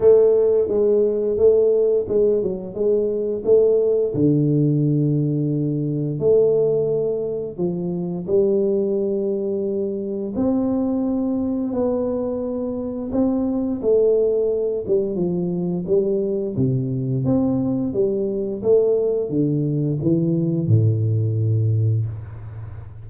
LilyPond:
\new Staff \with { instrumentName = "tuba" } { \time 4/4 \tempo 4 = 87 a4 gis4 a4 gis8 fis8 | gis4 a4 d2~ | d4 a2 f4 | g2. c'4~ |
c'4 b2 c'4 | a4. g8 f4 g4 | c4 c'4 g4 a4 | d4 e4 a,2 | }